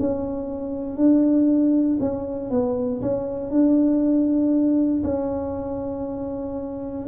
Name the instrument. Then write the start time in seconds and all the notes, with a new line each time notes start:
tuba
0.00 C#4
0.97 D4
2.00 C#4
2.51 B3
3.02 C#4
3.51 D4
5.04 C#4